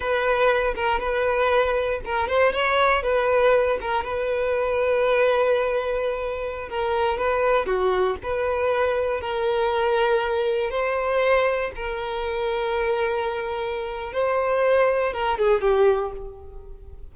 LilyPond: \new Staff \with { instrumentName = "violin" } { \time 4/4 \tempo 4 = 119 b'4. ais'8 b'2 | ais'8 c''8 cis''4 b'4. ais'8 | b'1~ | b'4~ b'16 ais'4 b'4 fis'8.~ |
fis'16 b'2 ais'4.~ ais'16~ | ais'4~ ais'16 c''2 ais'8.~ | ais'1 | c''2 ais'8 gis'8 g'4 | }